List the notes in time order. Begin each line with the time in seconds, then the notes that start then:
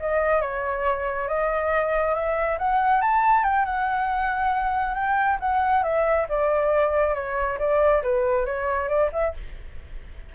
0.00 D#5
0.42 C#5
1.28 D#5
2.15 E5
2.59 F#5
3.02 A5
3.44 G5
3.66 F#5
4.95 G5
5.41 F#5
5.84 E5
6.29 D5
7.15 C#5
7.59 D5
8.03 B4
8.46 C#5
8.89 D5
9.13 E5